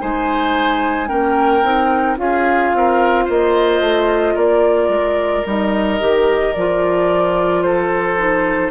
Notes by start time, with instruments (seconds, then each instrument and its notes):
0.00 bassoon G#3, clarinet D#4, oboe C5, flute G#5
1.08 bassoon A#3, clarinet C#4, oboe A#4, flute G5
1.63 bassoon C4, clarinet D#4
2.17 bassoon C#4, clarinet F4, oboe G#4, flute F5
2.74 bassoon C4, oboe A#4
3.25 bassoon A#3, oboe C5, flute D#5
3.81 bassoon A3
4.35 bassoon A#3, oboe A#4, flute D5
4.89 bassoon G#3
5.46 bassoon G3, clarinet D#4, flute D#5
6.00 bassoon D#3, clarinet G4
6.54 bassoon F3, clarinet F4, flute D5
7.63 oboe A4, flute C5
8.18 clarinet D#4